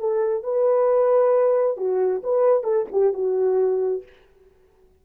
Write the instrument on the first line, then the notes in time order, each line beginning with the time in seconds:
horn
0.00 A4
0.44 B4
1.77 F#4
2.24 B4
2.64 A4
2.92 G4
3.14 F#4